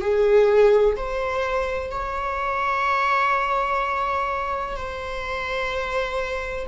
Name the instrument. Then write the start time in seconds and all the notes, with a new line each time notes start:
viola
0.00 G#4
0.96 C5
1.91 C#5
4.76 C5